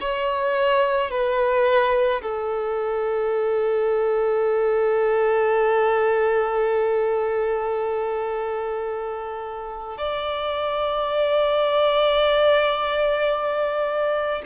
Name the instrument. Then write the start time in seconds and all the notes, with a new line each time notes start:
violin
0.00 C#5
1.11 B4
2.22 A4
9.97 D5